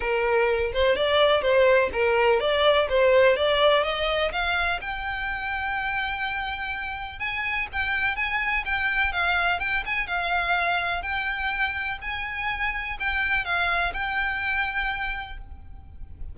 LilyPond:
\new Staff \with { instrumentName = "violin" } { \time 4/4 \tempo 4 = 125 ais'4. c''8 d''4 c''4 | ais'4 d''4 c''4 d''4 | dis''4 f''4 g''2~ | g''2. gis''4 |
g''4 gis''4 g''4 f''4 | g''8 gis''8 f''2 g''4~ | g''4 gis''2 g''4 | f''4 g''2. | }